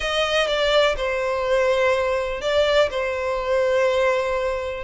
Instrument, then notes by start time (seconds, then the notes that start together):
violin
0.00 D#5
0.47 D5
0.97 C5
2.41 D5
2.90 C5